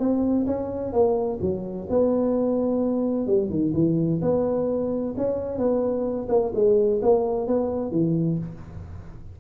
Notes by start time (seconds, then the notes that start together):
0.00 C4
0.47 C#4
0.93 A#3
1.41 F#3
1.90 B3
3.27 G3
3.50 D#3
3.74 E3
4.22 B3
5.18 C#4
5.58 B3
6.29 A#3
6.55 G#3
7.03 A#3
7.48 B3
7.92 E3